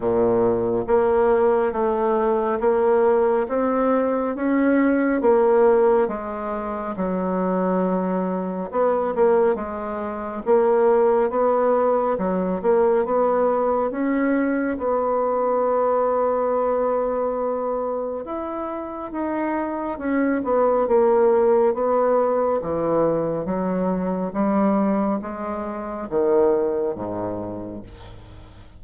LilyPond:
\new Staff \with { instrumentName = "bassoon" } { \time 4/4 \tempo 4 = 69 ais,4 ais4 a4 ais4 | c'4 cis'4 ais4 gis4 | fis2 b8 ais8 gis4 | ais4 b4 fis8 ais8 b4 |
cis'4 b2.~ | b4 e'4 dis'4 cis'8 b8 | ais4 b4 e4 fis4 | g4 gis4 dis4 gis,4 | }